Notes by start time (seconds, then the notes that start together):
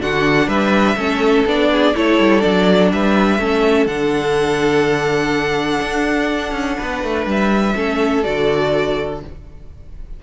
0.00 D3 D4 F#4 F#5
0.48 G3 B4 E5
0.96 A3 C#4 A4
1.46 B3 D4 D5
1.72 G#4
1.95 A3 E4 A4 C#5
2.20 G3
2.41 F#3 D4 D5
2.93 G3 B4 E5
3.39 A3 C#4 A4
3.87 D3 D4 F#5
5.81 D4
6.52 C#4
6.78 B3 B4
7.04 A3
7.26 G3 E5
7.75 A3 C#4 A4
8.23 D3 F#4 D5